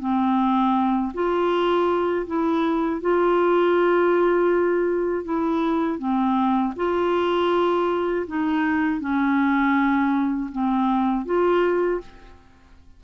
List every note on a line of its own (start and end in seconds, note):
0.00 1.12 C4
1.14 2.26 F4
2.26 3.01 E4
3.01 5.24 F4
5.24 5.99 E4
5.99 6.74 C4
6.76 8.26 F4
8.27 9.00 D#4
9.00 10.50 C#4
10.52 11.25 C4
11.25 12.00 F4